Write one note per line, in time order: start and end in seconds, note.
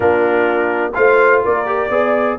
0.00 0.93 A#3
0.00 0.92 D4
0.00 0.93 F4
0.00 0.93 A#4
0.94 1.45 A3
0.94 1.66 F4
0.94 1.43 C5
0.94 1.42 F5
1.43 1.89 A#3
1.43 1.90 A#4
1.43 2.38 D5
1.66 1.89 G4
1.89 2.37 B3
1.89 2.38 G#4
1.89 2.37 D5